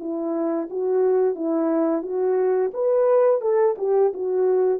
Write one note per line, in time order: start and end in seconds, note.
0.00 0.69 E4
0.70 1.35 F#4
1.35 2.03 E4
2.03 2.71 F#4
2.74 3.41 B4
3.41 3.76 A4
3.78 4.13 G4
4.14 4.80 F#4